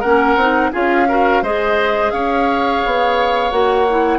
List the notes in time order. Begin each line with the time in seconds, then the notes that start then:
0.00 A#3 C#4 A#4 F#5
0.36 C4 D#4
0.72 C#4 F4 G#4 F5
1.08 F#4 A#4
1.42 G#3 G#4 C5 D#5
2.11 C#4 C#5 F5
2.85 B3
3.51 A#3 F#4 F#5
3.90 E4